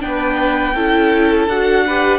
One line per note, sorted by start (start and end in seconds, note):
0.00 0.75 B3
0.00 0.73 D4
0.00 0.75 B4
0.00 1.48 G5
0.75 1.48 C#4
0.75 1.49 E4
0.75 1.84 A4
1.48 2.19 D4
1.48 1.87 F#4
1.48 2.19 F#5
1.87 2.19 G4
1.87 2.19 B4